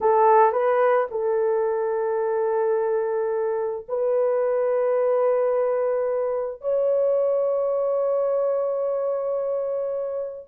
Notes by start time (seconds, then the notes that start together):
0.01 A4
0.52 B4
1.10 A4
3.88 B4
6.61 C#5